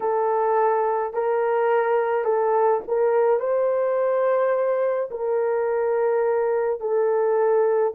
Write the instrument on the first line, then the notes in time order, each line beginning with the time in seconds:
horn
0.00 A4
1.13 A#4
2.24 A4
2.87 A#4
3.40 C5
5.10 A#4
6.80 A4